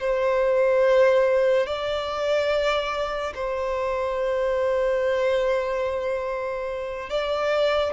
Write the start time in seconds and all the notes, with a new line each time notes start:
0.00 C5
1.66 D5
3.34 C5
7.09 D5